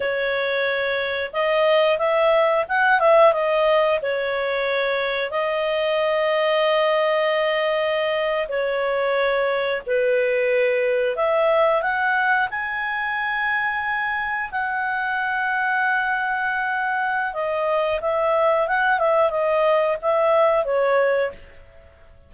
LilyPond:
\new Staff \with { instrumentName = "clarinet" } { \time 4/4 \tempo 4 = 90 cis''2 dis''4 e''4 | fis''8 e''8 dis''4 cis''2 | dis''1~ | dis''8. cis''2 b'4~ b'16~ |
b'8. e''4 fis''4 gis''4~ gis''16~ | gis''4.~ gis''16 fis''2~ fis''16~ | fis''2 dis''4 e''4 | fis''8 e''8 dis''4 e''4 cis''4 | }